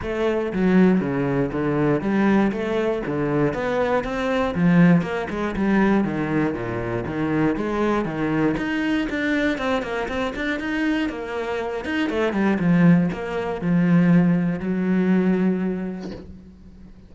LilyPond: \new Staff \with { instrumentName = "cello" } { \time 4/4 \tempo 4 = 119 a4 fis4 cis4 d4 | g4 a4 d4 b4 | c'4 f4 ais8 gis8 g4 | dis4 ais,4 dis4 gis4 |
dis4 dis'4 d'4 c'8 ais8 | c'8 d'8 dis'4 ais4. dis'8 | a8 g8 f4 ais4 f4~ | f4 fis2. | }